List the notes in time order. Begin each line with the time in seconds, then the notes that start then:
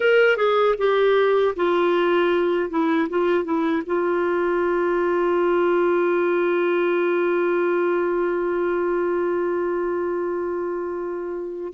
0.00 A#4
0.36 G#4
0.77 G4
1.56 F4
2.70 E4
3.09 F4
3.44 E4
3.85 F4